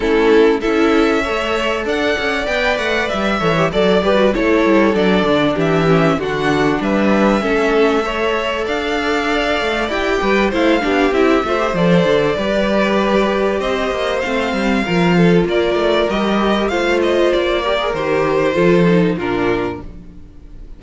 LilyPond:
<<
  \new Staff \with { instrumentName = "violin" } { \time 4/4 \tempo 4 = 97 a'4 e''2 fis''4 | g''8 fis''8 e''4 d''8 b'8 cis''4 | d''4 e''4 fis''4 e''4~ | e''2 f''2 |
g''4 f''4 e''4 d''4~ | d''2 dis''4 f''4~ | f''4 d''4 dis''4 f''8 dis''8 | d''4 c''2 ais'4 | }
  \new Staff \with { instrumentName = "violin" } { \time 4/4 e'4 a'4 cis''4 d''4~ | d''4. cis''8 d''4 a'4~ | a'4 g'4 fis'4 b'4 | a'4 cis''4 d''2~ |
d''8 b'8 c''8 g'4 c''4. | b'2 c''2 | ais'8 a'8 ais'2 c''4~ | c''8 ais'4. a'4 f'4 | }
  \new Staff \with { instrumentName = "viola" } { \time 4/4 cis'4 e'4 a'2 | b'4. a'16 g'16 a'8 g'16 fis'16 e'4 | d'4. cis'8 d'2 | cis'4 a'2. |
g'4 e'8 d'8 e'8 f'16 g'16 a'4 | g'2. c'4 | f'2 g'4 f'4~ | f'8 g'16 gis'16 g'4 f'8 dis'8 d'4 | }
  \new Staff \with { instrumentName = "cello" } { \time 4/4 a4 cis'4 a4 d'8 cis'8 | b8 a8 g8 e8 fis8 g8 a8 g8 | fis8 d8 e4 d4 g4 | a2 d'4. a8 |
e'8 g8 a8 b8 c'8 a8 f8 d8 | g2 c'8 ais8 a8 g8 | f4 ais8 a8 g4 a4 | ais4 dis4 f4 ais,4 | }
>>